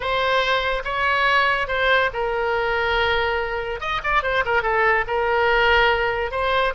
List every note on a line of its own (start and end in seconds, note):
0.00 0.83 C5
0.84 1.67 C#5
1.67 2.10 C5
2.13 3.80 A#4
3.80 4.01 D#5
4.03 4.23 D5
4.23 4.44 C5
4.45 4.62 A#4
4.62 5.04 A4
5.07 6.31 A#4
6.31 6.73 C5